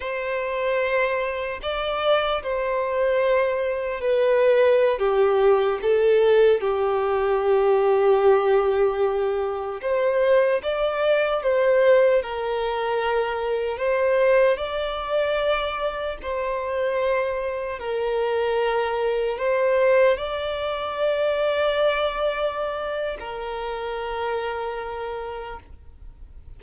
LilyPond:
\new Staff \with { instrumentName = "violin" } { \time 4/4 \tempo 4 = 75 c''2 d''4 c''4~ | c''4 b'4~ b'16 g'4 a'8.~ | a'16 g'2.~ g'8.~ | g'16 c''4 d''4 c''4 ais'8.~ |
ais'4~ ais'16 c''4 d''4.~ d''16~ | d''16 c''2 ais'4.~ ais'16~ | ais'16 c''4 d''2~ d''8.~ | d''4 ais'2. | }